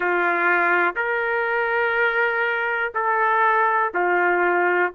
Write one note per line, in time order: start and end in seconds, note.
0.00 0.94 F4
0.96 2.92 A#4
2.94 3.93 A4
3.93 4.92 F4